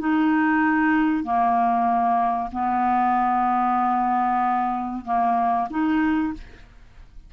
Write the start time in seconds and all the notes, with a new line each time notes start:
0.00 D#4
1.24 A#3
2.52 B3
5.05 A#3
5.70 D#4